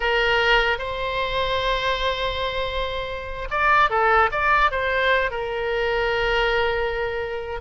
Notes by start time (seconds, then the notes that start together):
0.00 A#4
0.78 C5
3.50 D5
3.90 A4
4.31 D5
4.71 C5
5.30 A#4